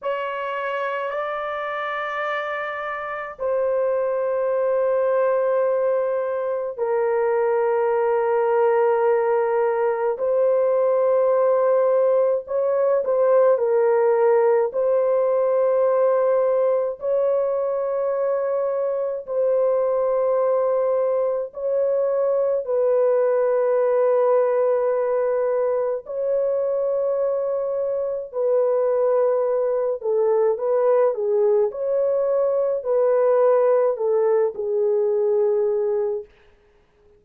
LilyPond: \new Staff \with { instrumentName = "horn" } { \time 4/4 \tempo 4 = 53 cis''4 d''2 c''4~ | c''2 ais'2~ | ais'4 c''2 cis''8 c''8 | ais'4 c''2 cis''4~ |
cis''4 c''2 cis''4 | b'2. cis''4~ | cis''4 b'4. a'8 b'8 gis'8 | cis''4 b'4 a'8 gis'4. | }